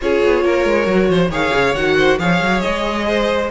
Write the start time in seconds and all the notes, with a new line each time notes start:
0.01 C#4 F4 G#4 C#5
0.24 B3
0.44 A#3 A#4
0.64 G#3
0.84 F#3 F#4
1.08 F3 C5
1.29 D#3 G#4 C#5 F5
1.53 C#3
1.74 D#3 F#4 F#5
1.97 C5
2.19 F3 G#4 C#5 F5
2.41 F#3
2.60 G#3 D#5
3.07 C5